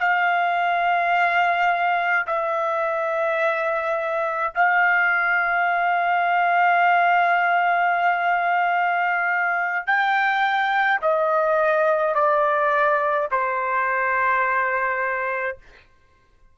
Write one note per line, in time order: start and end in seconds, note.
0.00 2.26 F5
2.27 4.54 E5
4.55 9.87 F5
9.87 11.01 G5
11.02 12.15 D#5
12.15 13.29 D5
13.32 15.58 C5